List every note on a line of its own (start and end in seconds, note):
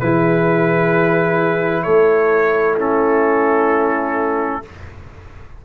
0.00 1.87 E3
0.00 2.78 E4
0.00 1.84 G#4
0.00 1.83 B4
1.83 4.63 A3
1.83 2.76 A4
1.83 2.75 C#5
2.76 4.63 C#4
2.76 4.61 E4
2.76 4.65 A4